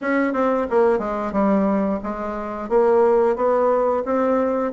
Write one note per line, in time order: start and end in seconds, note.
0.01 0.33 C#4
0.33 0.66 C4
0.70 0.98 A#3
0.98 1.32 G#3
1.32 1.99 G3
2.03 2.69 G#3
2.69 3.36 A#3
3.36 4.03 B3
4.05 4.72 C4